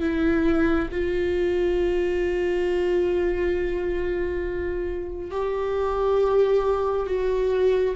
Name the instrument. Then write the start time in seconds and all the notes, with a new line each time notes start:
viola
0.00 E4
0.91 F4
5.31 G4
7.07 F#4